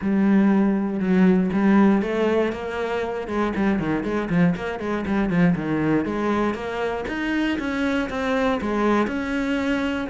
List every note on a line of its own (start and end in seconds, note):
0.01 0.99 G3
0.99 1.50 F#3
1.52 2.02 G3
2.02 2.52 A3
2.52 3.27 A#3
3.27 3.52 G#3
3.55 3.79 G3
3.79 4.03 D#3
4.03 4.29 G#3
4.29 4.54 F3
4.55 4.79 A#3
4.79 5.04 G#3
5.06 5.29 G3
5.29 5.55 F3
5.55 6.05 D#3
6.05 6.54 G#3
6.54 7.05 A#3
7.07 7.58 D#4
7.58 8.09 C#4
8.09 8.60 C4
8.61 9.07 G#3
9.07 10.07 C#4